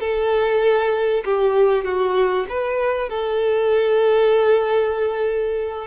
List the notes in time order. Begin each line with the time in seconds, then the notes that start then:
0.00 A4
1.24 G4
1.84 F#4
2.49 B4
3.09 A4